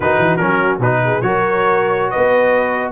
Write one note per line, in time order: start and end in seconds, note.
0.00 0.17 D#3
0.00 0.39 D#4
0.00 1.00 F#4
0.00 0.36 B4
0.18 0.39 E3
0.36 0.79 F#3
0.36 0.79 C#4
0.36 0.77 A#4
0.79 1.19 B2
0.79 1.22 D#4
0.79 1.21 B4
1.04 1.24 G#4
1.21 2.13 F#3
1.21 2.91 F#4
1.21 2.10 A#4
1.21 2.10 C#5
2.10 2.91 B3
2.10 2.91 B4
2.10 2.91 D#5